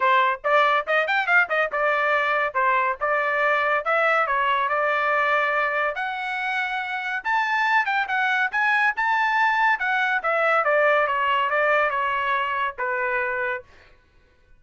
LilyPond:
\new Staff \with { instrumentName = "trumpet" } { \time 4/4 \tempo 4 = 141 c''4 d''4 dis''8 g''8 f''8 dis''8 | d''2 c''4 d''4~ | d''4 e''4 cis''4 d''4~ | d''2 fis''2~ |
fis''4 a''4. g''8 fis''4 | gis''4 a''2 fis''4 | e''4 d''4 cis''4 d''4 | cis''2 b'2 | }